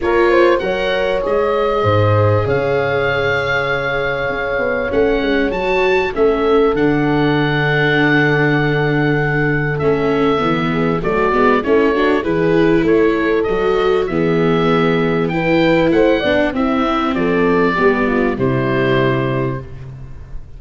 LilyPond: <<
  \new Staff \with { instrumentName = "oboe" } { \time 4/4 \tempo 4 = 98 cis''4 fis''4 dis''2 | f''1 | fis''4 a''4 e''4 fis''4~ | fis''1 |
e''2 d''4 cis''4 | b'4 cis''4 dis''4 e''4~ | e''4 g''4 fis''4 e''4 | d''2 c''2 | }
  \new Staff \with { instrumentName = "horn" } { \time 4/4 ais'8 c''8 cis''2 c''4 | cis''1~ | cis''2 a'2~ | a'1~ |
a'4. gis'8 fis'4 e'8 fis'8 | gis'4 a'2 gis'4~ | gis'4 b'4 c''8 d''8 e'4 | a'4 g'8 f'8 e'2 | }
  \new Staff \with { instrumentName = "viola" } { \time 4/4 f'4 ais'4 gis'2~ | gis'1 | cis'4 fis'4 cis'4 d'4~ | d'1 |
cis'4 b4 a8 b8 cis'8 d'8 | e'2 fis'4 b4~ | b4 e'4. d'8 c'4~ | c'4 b4 g2 | }
  \new Staff \with { instrumentName = "tuba" } { \time 4/4 ais4 fis4 gis4 gis,4 | cis2. cis'8 b8 | a8 gis8 fis4 a4 d4~ | d1 |
a4 e4 fis8 gis8 a4 | e4 a4 fis4 e4~ | e2 a8 b8 c'4 | f4 g4 c2 | }
>>